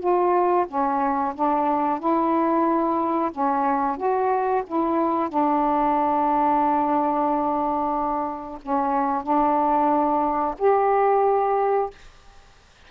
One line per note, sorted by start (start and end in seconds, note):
0.00 0.66 F4
0.68 1.34 C#4
1.35 2.00 D4
2.00 3.31 E4
3.32 3.97 C#4
3.97 4.63 F#4
4.67 5.29 E4
5.29 8.59 D4
8.63 9.23 C#4
9.23 10.55 D4
10.59 11.90 G4